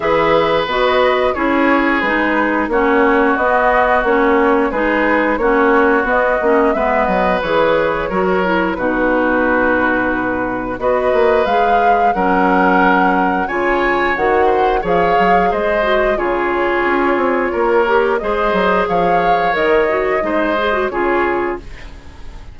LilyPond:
<<
  \new Staff \with { instrumentName = "flute" } { \time 4/4 \tempo 4 = 89 e''4 dis''4 cis''4 b'4 | cis''4 dis''4 cis''4 b'4 | cis''4 dis''4 e''8 dis''8 cis''4~ | cis''4 b'2. |
dis''4 f''4 fis''2 | gis''4 fis''4 f''4 dis''4 | cis''2. dis''4 | f''4 dis''2 cis''4 | }
  \new Staff \with { instrumentName = "oboe" } { \time 4/4 b'2 gis'2 | fis'2. gis'4 | fis'2 b'2 | ais'4 fis'2. |
b'2 ais'2 | cis''4. c''8 cis''4 c''4 | gis'2 ais'4 c''4 | cis''2 c''4 gis'4 | }
  \new Staff \with { instrumentName = "clarinet" } { \time 4/4 gis'4 fis'4 e'4 dis'4 | cis'4 b4 cis'4 dis'4 | cis'4 b8 cis'8 b4 gis'4 | fis'8 e'8 dis'2. |
fis'4 gis'4 cis'2 | f'4 fis'4 gis'4. fis'8 | f'2~ f'8 g'8 gis'4~ | gis'4 ais'8 fis'8 dis'8 gis'16 fis'16 f'4 | }
  \new Staff \with { instrumentName = "bassoon" } { \time 4/4 e4 b4 cis'4 gis4 | ais4 b4 ais4 gis4 | ais4 b8 ais8 gis8 fis8 e4 | fis4 b,2. |
b8 ais8 gis4 fis2 | cis4 dis4 f8 fis8 gis4 | cis4 cis'8 c'8 ais4 gis8 fis8 | f4 dis4 gis4 cis4 | }
>>